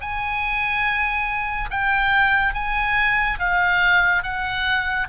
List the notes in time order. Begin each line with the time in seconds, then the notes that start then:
0.00 G#5
1.70 G5
2.54 G#5
3.38 F5
4.23 F#5